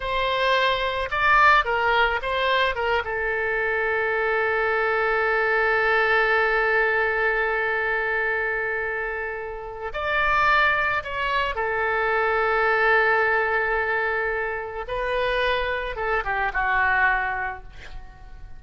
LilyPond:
\new Staff \with { instrumentName = "oboe" } { \time 4/4 \tempo 4 = 109 c''2 d''4 ais'4 | c''4 ais'8 a'2~ a'8~ | a'1~ | a'1~ |
a'2 d''2 | cis''4 a'2.~ | a'2. b'4~ | b'4 a'8 g'8 fis'2 | }